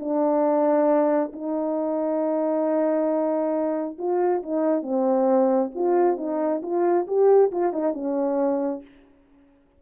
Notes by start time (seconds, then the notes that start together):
0.00 D4
1.33 D#4
3.99 F4
4.43 D#4
4.83 C4
5.75 F4
6.18 D#4
6.63 F4
7.07 G4
7.52 F4
7.73 D#4
7.94 C#4